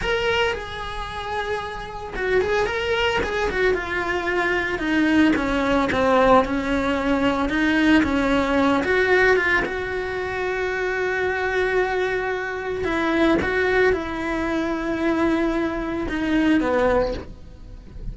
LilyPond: \new Staff \with { instrumentName = "cello" } { \time 4/4 \tempo 4 = 112 ais'4 gis'2. | fis'8 gis'8 ais'4 gis'8 fis'8 f'4~ | f'4 dis'4 cis'4 c'4 | cis'2 dis'4 cis'4~ |
cis'8 fis'4 f'8 fis'2~ | fis'1 | e'4 fis'4 e'2~ | e'2 dis'4 b4 | }